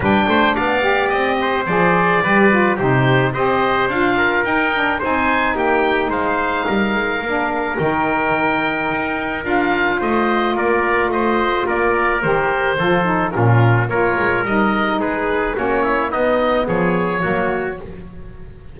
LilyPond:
<<
  \new Staff \with { instrumentName = "oboe" } { \time 4/4 \tempo 4 = 108 g''4 f''4 dis''4 d''4~ | d''4 c''4 dis''4 f''4 | g''4 gis''4 g''4 f''4~ | f''2 g''2~ |
g''4 f''4 dis''4 d''4 | dis''4 d''4 c''2 | ais'4 cis''4 dis''4 b'4 | cis''4 dis''4 cis''2 | }
  \new Staff \with { instrumentName = "trumpet" } { \time 4/4 b'8 c''8 d''4. c''4. | b'4 g'4 c''4. ais'8~ | ais'4 c''4 g'4 c''4 | ais'1~ |
ais'2 c''4 ais'4 | c''4 ais'2 a'4 | f'4 ais'2 gis'4 | fis'8 e'8 dis'4 gis'4 fis'4 | }
  \new Staff \with { instrumentName = "saxophone" } { \time 4/4 d'4. g'4. gis'4 | g'8 f'8 dis'4 g'4 f'4 | dis'8 d'8 dis'2.~ | dis'4 d'4 dis'2~ |
dis'4 f'2.~ | f'2 g'4 f'8 dis'8 | cis'4 f'4 dis'2 | cis'4 b2 ais4 | }
  \new Staff \with { instrumentName = "double bass" } { \time 4/4 g8 a8 b4 c'4 f4 | g4 c4 c'4 d'4 | dis'4 c'4 ais4 gis4 | g8 gis8 ais4 dis2 |
dis'4 d'4 a4 ais4 | a4 ais4 dis4 f4 | ais,4 ais8 gis8 g4 gis4 | ais4 b4 f4 fis4 | }
>>